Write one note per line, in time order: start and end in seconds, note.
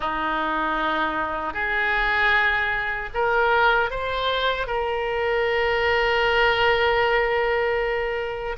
0.00 1.53 D#4
1.53 3.09 G#4
3.13 3.90 A#4
3.90 4.66 C5
4.66 8.56 A#4